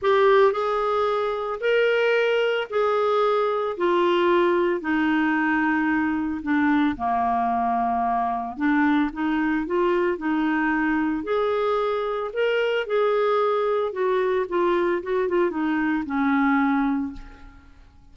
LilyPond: \new Staff \with { instrumentName = "clarinet" } { \time 4/4 \tempo 4 = 112 g'4 gis'2 ais'4~ | ais'4 gis'2 f'4~ | f'4 dis'2. | d'4 ais2. |
d'4 dis'4 f'4 dis'4~ | dis'4 gis'2 ais'4 | gis'2 fis'4 f'4 | fis'8 f'8 dis'4 cis'2 | }